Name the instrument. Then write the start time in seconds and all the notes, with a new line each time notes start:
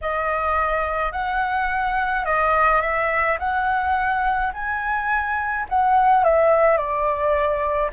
flute
0.01 D#5
1.12 F#5
2.25 D#5
2.81 E5
3.39 F#5
4.53 G#5
5.69 F#5
6.24 E5
6.77 D5